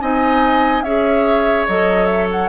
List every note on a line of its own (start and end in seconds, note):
0.00 0.82 C4
0.00 0.83 D#4
0.00 0.84 D#5
0.00 0.82 G#5
0.82 1.65 C#4
0.82 1.68 G#4
0.82 2.49 C#5
0.82 1.66 E5
1.67 2.49 F#3
1.67 2.49 A4
1.67 2.06 D#5
2.06 2.26 E5
2.31 2.49 F#5